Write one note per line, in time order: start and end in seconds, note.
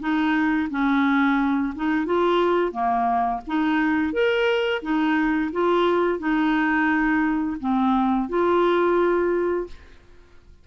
0.00 0.69 D#4
0.70 1.74 C#4
1.76 2.06 D#4
2.06 2.72 F4
2.72 3.41 A#3
3.47 4.13 D#4
4.13 4.82 A#4
4.82 5.51 D#4
5.52 6.19 F4
6.19 7.57 D#4
7.61 8.29 C4
8.29 9.67 F4